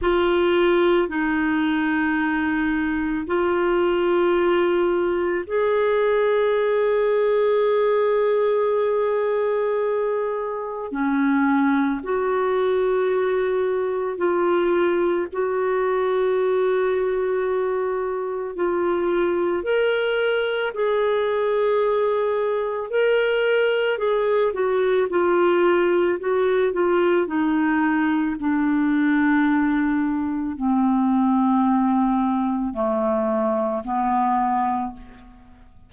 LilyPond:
\new Staff \with { instrumentName = "clarinet" } { \time 4/4 \tempo 4 = 55 f'4 dis'2 f'4~ | f'4 gis'2.~ | gis'2 cis'4 fis'4~ | fis'4 f'4 fis'2~ |
fis'4 f'4 ais'4 gis'4~ | gis'4 ais'4 gis'8 fis'8 f'4 | fis'8 f'8 dis'4 d'2 | c'2 a4 b4 | }